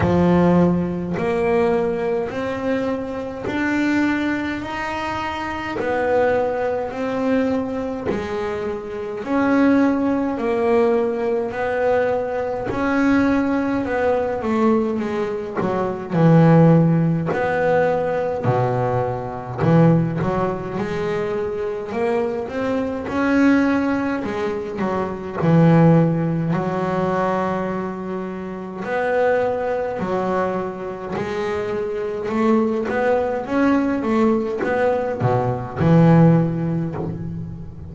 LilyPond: \new Staff \with { instrumentName = "double bass" } { \time 4/4 \tempo 4 = 52 f4 ais4 c'4 d'4 | dis'4 b4 c'4 gis4 | cis'4 ais4 b4 cis'4 | b8 a8 gis8 fis8 e4 b4 |
b,4 e8 fis8 gis4 ais8 c'8 | cis'4 gis8 fis8 e4 fis4~ | fis4 b4 fis4 gis4 | a8 b8 cis'8 a8 b8 b,8 e4 | }